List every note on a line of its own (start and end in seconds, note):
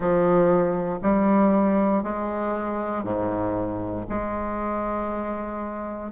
0.00 0.99 F3
1.02 2.03 G3
2.03 3.03 G#3
3.03 4.05 G#2
4.09 6.12 G#3